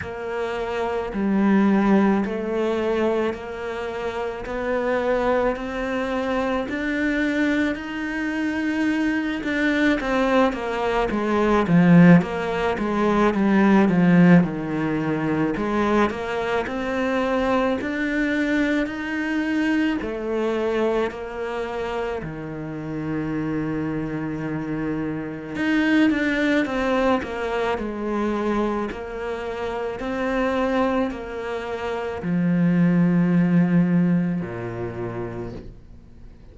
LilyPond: \new Staff \with { instrumentName = "cello" } { \time 4/4 \tempo 4 = 54 ais4 g4 a4 ais4 | b4 c'4 d'4 dis'4~ | dis'8 d'8 c'8 ais8 gis8 f8 ais8 gis8 | g8 f8 dis4 gis8 ais8 c'4 |
d'4 dis'4 a4 ais4 | dis2. dis'8 d'8 | c'8 ais8 gis4 ais4 c'4 | ais4 f2 ais,4 | }